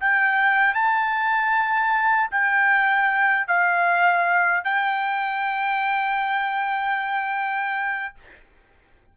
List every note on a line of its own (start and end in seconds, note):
0.00 0.74 G5
0.74 2.30 A5
2.31 3.47 G5
3.47 4.64 F5
4.64 8.15 G5